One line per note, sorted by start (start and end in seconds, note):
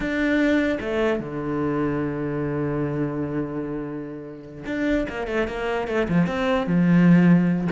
0.00 0.78 D4
0.80 1.19 A3
1.19 4.64 D3
4.65 5.06 D4
5.09 5.27 A#3
5.27 5.47 A3
5.47 5.87 A#3
5.87 6.07 A3
6.08 6.26 F3
6.26 6.66 C4
6.66 7.68 F3